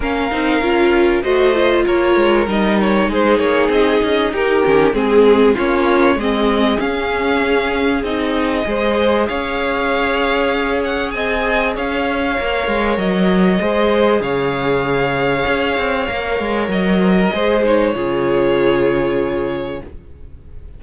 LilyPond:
<<
  \new Staff \with { instrumentName = "violin" } { \time 4/4 \tempo 4 = 97 f''2 dis''4 cis''4 | dis''8 cis''8 c''8 cis''8 dis''4 ais'4 | gis'4 cis''4 dis''4 f''4~ | f''4 dis''2 f''4~ |
f''4. fis''8 gis''4 f''4~ | f''4 dis''2 f''4~ | f''2. dis''4~ | dis''8 cis''2.~ cis''8 | }
  \new Staff \with { instrumentName = "violin" } { \time 4/4 ais'2 c''4 ais'4~ | ais'4 gis'2 g'4 | gis'4 f'4 gis'2~ | gis'2 c''4 cis''4~ |
cis''2 dis''4 cis''4~ | cis''2 c''4 cis''4~ | cis''2.~ cis''8 c''16 ais'16 | c''4 gis'2. | }
  \new Staff \with { instrumentName = "viola" } { \time 4/4 cis'8 dis'8 f'4 fis'8 f'4. | dis'2.~ dis'8 cis'8 | c'4 cis'4 c'4 cis'4~ | cis'4 dis'4 gis'2~ |
gis'1 | ais'2 gis'2~ | gis'2 ais'2 | gis'8 dis'8 f'2. | }
  \new Staff \with { instrumentName = "cello" } { \time 4/4 ais8 c'8 cis'4 a4 ais8 gis8 | g4 gis8 ais8 c'8 cis'8 dis'8 dis8 | gis4 ais4 gis4 cis'4~ | cis'4 c'4 gis4 cis'4~ |
cis'2 c'4 cis'4 | ais8 gis8 fis4 gis4 cis4~ | cis4 cis'8 c'8 ais8 gis8 fis4 | gis4 cis2. | }
>>